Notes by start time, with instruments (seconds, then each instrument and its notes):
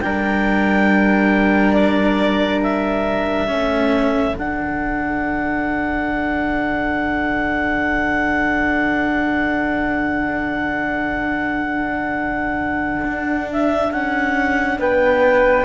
0.00 cello G3 D4, flute A#4, clarinet G5
1.73 clarinet D5
2.63 clarinet E5
3.47 cello A3 C#4, flute A4
4.37 cello D3 D4, clarinet F#5
13.04 cello D4
13.52 clarinet E5
13.92 cello C#4, clarinet F#5
14.79 cello B3, flute B4, clarinet G5